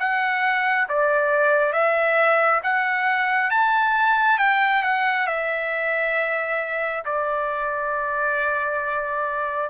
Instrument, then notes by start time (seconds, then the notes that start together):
trumpet
0.00 F#5
0.89 D5
1.73 E5
2.64 F#5
3.51 A5
4.39 G5
4.83 F#5
5.27 E5
7.05 D5